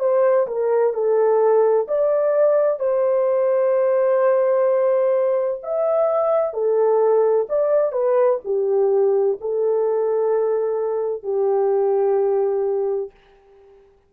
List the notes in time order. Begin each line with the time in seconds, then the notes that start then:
0.00 C5
0.47 A#4
0.94 A4
1.88 D5
2.80 C5
5.63 E5
6.54 A4
7.49 D5
7.93 B4
8.45 G4
9.41 A4
11.23 G4